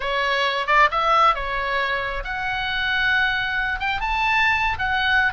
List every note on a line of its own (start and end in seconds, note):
0.00 0.66 C#5
0.67 0.89 D5
0.91 1.34 E5
1.34 2.23 C#5
2.24 3.79 F#5
3.79 4.00 G5
4.00 4.78 A5
4.78 5.33 F#5